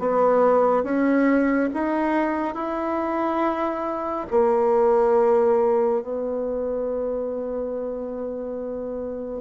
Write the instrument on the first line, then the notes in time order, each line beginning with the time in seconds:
bassoon
0.00 B3
0.84 C#4
1.74 D#4
2.55 E4
4.31 A#3
6.02 B3